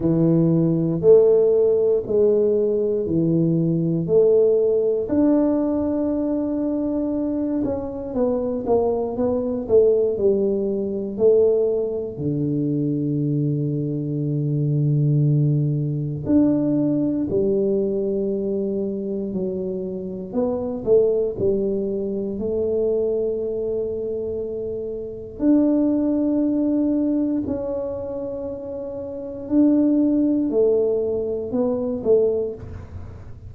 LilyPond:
\new Staff \with { instrumentName = "tuba" } { \time 4/4 \tempo 4 = 59 e4 a4 gis4 e4 | a4 d'2~ d'8 cis'8 | b8 ais8 b8 a8 g4 a4 | d1 |
d'4 g2 fis4 | b8 a8 g4 a2~ | a4 d'2 cis'4~ | cis'4 d'4 a4 b8 a8 | }